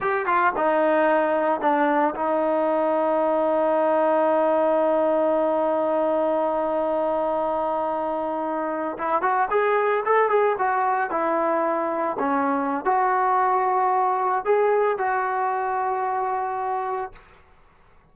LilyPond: \new Staff \with { instrumentName = "trombone" } { \time 4/4 \tempo 4 = 112 g'8 f'8 dis'2 d'4 | dis'1~ | dis'1~ | dis'1~ |
dis'8. e'8 fis'8 gis'4 a'8 gis'8 fis'16~ | fis'8. e'2 cis'4~ cis'16 | fis'2. gis'4 | fis'1 | }